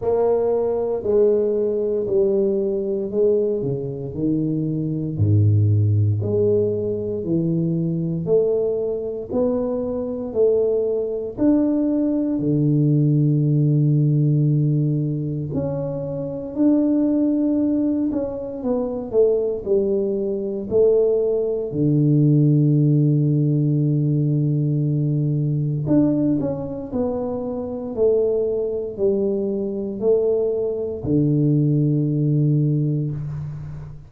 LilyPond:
\new Staff \with { instrumentName = "tuba" } { \time 4/4 \tempo 4 = 58 ais4 gis4 g4 gis8 cis8 | dis4 gis,4 gis4 e4 | a4 b4 a4 d'4 | d2. cis'4 |
d'4. cis'8 b8 a8 g4 | a4 d2.~ | d4 d'8 cis'8 b4 a4 | g4 a4 d2 | }